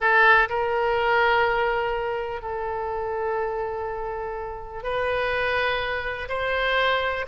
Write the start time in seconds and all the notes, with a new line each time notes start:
0.00 A4
0.49 A#4
2.41 A4
4.83 B4
6.28 C5